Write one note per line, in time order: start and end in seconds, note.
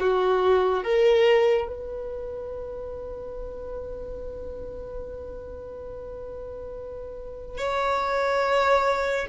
0.00 0.83 F#4
0.83 1.67 A#4
1.67 7.57 B4
7.57 9.27 C#5